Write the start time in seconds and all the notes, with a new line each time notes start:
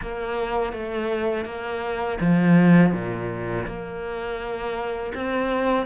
0.01 A#3
0.72 A3
1.45 A#3
2.20 F3
2.93 A#2
3.66 A#3
5.14 C4